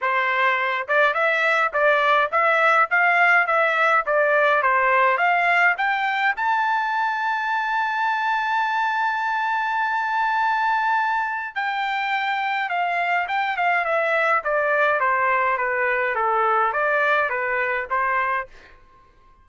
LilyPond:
\new Staff \with { instrumentName = "trumpet" } { \time 4/4 \tempo 4 = 104 c''4. d''8 e''4 d''4 | e''4 f''4 e''4 d''4 | c''4 f''4 g''4 a''4~ | a''1~ |
a''1 | g''2 f''4 g''8 f''8 | e''4 d''4 c''4 b'4 | a'4 d''4 b'4 c''4 | }